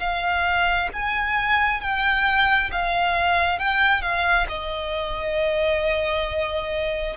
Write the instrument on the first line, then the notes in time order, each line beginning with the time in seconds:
violin
0.00 F5
0.94 G#5
1.81 G5
2.72 F5
3.59 G5
4.02 F5
4.49 D#5